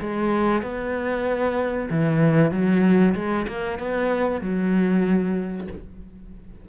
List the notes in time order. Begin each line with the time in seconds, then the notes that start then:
0.00 G#3
0.62 B3
1.90 E3
2.51 F#3
3.15 G#3
3.48 A#3
3.79 B3
4.41 F#3